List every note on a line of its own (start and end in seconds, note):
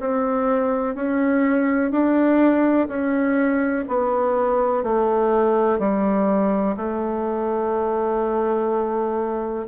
0.00 0.95 C4
0.95 1.91 C#4
1.91 2.88 D4
2.89 3.85 C#4
3.88 4.83 B3
4.83 5.79 A3
5.79 6.76 G3
6.77 9.67 A3